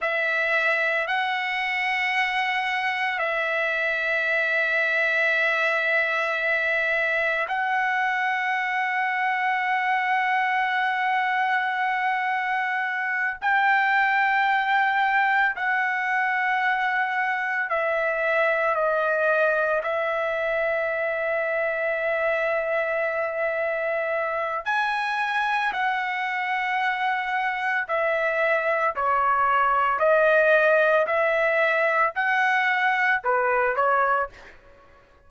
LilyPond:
\new Staff \with { instrumentName = "trumpet" } { \time 4/4 \tempo 4 = 56 e''4 fis''2 e''4~ | e''2. fis''4~ | fis''1~ | fis''8 g''2 fis''4.~ |
fis''8 e''4 dis''4 e''4.~ | e''2. gis''4 | fis''2 e''4 cis''4 | dis''4 e''4 fis''4 b'8 cis''8 | }